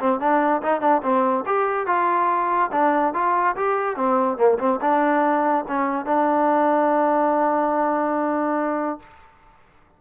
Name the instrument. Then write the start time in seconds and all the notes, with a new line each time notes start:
trombone
0.00 C4
0.20 D4
0.62 D#4
0.81 D4
1.03 C4
1.46 G4
1.87 F4
2.72 D4
3.14 F4
3.56 G4
3.96 C4
4.37 A#3
4.59 C4
4.81 D4
5.68 C#4
6.06 D4